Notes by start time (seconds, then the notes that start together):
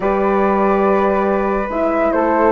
0.00 G3 G4 B4 D5
1.69 G#3 E4 E5
2.12 A3 A4 C5